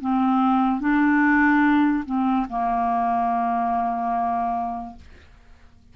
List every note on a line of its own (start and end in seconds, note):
0.00 0.80 C4
0.80 2.04 D4
2.05 2.46 C4
2.49 4.96 A#3